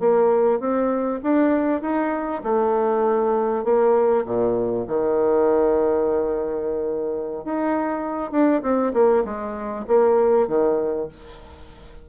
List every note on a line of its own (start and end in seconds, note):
0.00 0.60 A#3
0.60 1.21 C4
1.23 1.82 D4
1.82 2.42 D#4
2.44 3.65 A3
3.65 4.25 A#3
4.26 4.87 A#2
4.88 7.45 D#3
7.45 8.32 D#4
8.32 8.62 D4
8.63 8.93 C4
8.94 9.24 A#3
9.25 9.86 G#3
9.88 10.48 A#3
10.48 11.09 D#3